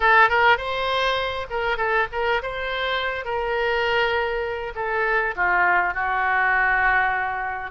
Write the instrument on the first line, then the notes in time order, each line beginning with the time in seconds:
oboe
0.00 A4
0.29 A#4
0.57 C5
1.50 A#4
1.77 A4
2.12 A#4
2.42 C5
3.24 A#4
4.75 A4
5.36 F4
5.94 F#4